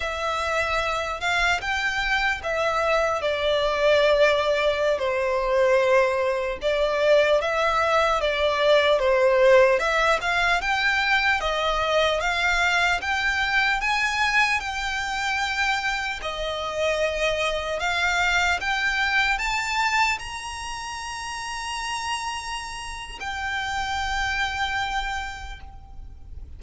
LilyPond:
\new Staff \with { instrumentName = "violin" } { \time 4/4 \tempo 4 = 75 e''4. f''8 g''4 e''4 | d''2~ d''16 c''4.~ c''16~ | c''16 d''4 e''4 d''4 c''8.~ | c''16 e''8 f''8 g''4 dis''4 f''8.~ |
f''16 g''4 gis''4 g''4.~ g''16~ | g''16 dis''2 f''4 g''8.~ | g''16 a''4 ais''2~ ais''8.~ | ais''4 g''2. | }